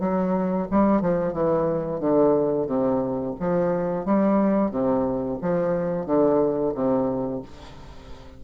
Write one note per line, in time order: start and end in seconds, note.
0.00 0.67 F#3
0.71 1.02 G3
1.02 1.33 F3
1.33 2.01 E3
2.01 2.68 D3
2.68 3.35 C3
3.40 4.06 F3
4.06 4.71 G3
4.71 5.39 C3
5.42 6.06 F3
6.06 6.74 D3
6.75 7.42 C3